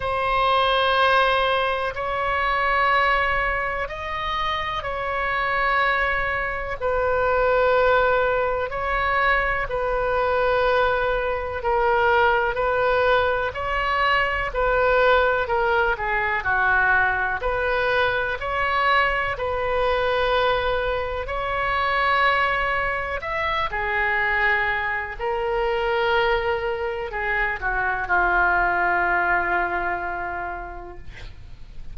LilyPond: \new Staff \with { instrumentName = "oboe" } { \time 4/4 \tempo 4 = 62 c''2 cis''2 | dis''4 cis''2 b'4~ | b'4 cis''4 b'2 | ais'4 b'4 cis''4 b'4 |
ais'8 gis'8 fis'4 b'4 cis''4 | b'2 cis''2 | e''8 gis'4. ais'2 | gis'8 fis'8 f'2. | }